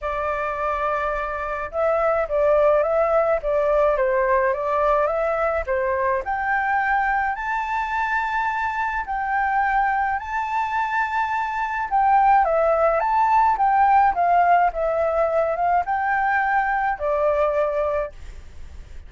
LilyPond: \new Staff \with { instrumentName = "flute" } { \time 4/4 \tempo 4 = 106 d''2. e''4 | d''4 e''4 d''4 c''4 | d''4 e''4 c''4 g''4~ | g''4 a''2. |
g''2 a''2~ | a''4 g''4 e''4 a''4 | g''4 f''4 e''4. f''8 | g''2 d''2 | }